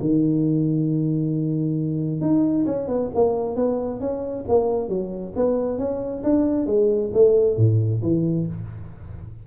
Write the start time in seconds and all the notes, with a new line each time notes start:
0.00 D#3
2.21 D#4
2.65 C#4
2.88 B3
3.14 A#3
3.56 B3
4.00 C#4
4.48 A#3
4.88 F#3
5.36 B3
5.78 C#4
6.23 D4
6.66 G#3
7.13 A3
7.57 A2
8.02 E3